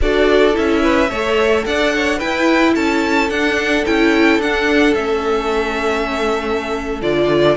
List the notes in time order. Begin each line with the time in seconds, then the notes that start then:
0.01 D4 F#4 A4 D5
0.53 C#4 E4 E5
0.82 B4
1.09 A3 A4 C#5
1.65 D4 D5 F#5
1.94 C#5
2.18 E4 B4 G5
2.75 C#4 A4 A5
3.29 D4 F#5
3.86 C#4 E4 G5
4.38 D4 F#5
4.94 A3 C#4 E5
7.01 D3 F4 D5